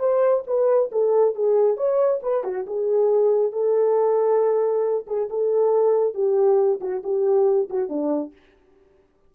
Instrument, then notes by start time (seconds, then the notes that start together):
horn
0.00 C5
0.47 B4
0.92 A4
1.36 G#4
1.77 C#5
2.23 B4
2.44 F#4
2.67 G#4
3.53 A4
5.08 G#4
5.30 A4
6.15 G4
6.81 F#4
7.04 G4
7.70 F#4
7.89 D4